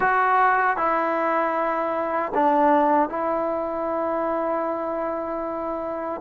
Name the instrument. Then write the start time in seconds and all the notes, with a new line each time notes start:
trombone
0.00 F#4
0.76 E4
2.34 D4
3.09 E4